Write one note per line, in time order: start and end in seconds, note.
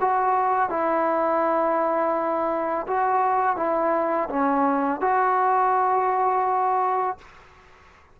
0.00 0.69 F#4
0.69 2.86 E4
2.87 3.56 F#4
3.56 4.28 E4
4.29 5.00 C#4
5.00 7.17 F#4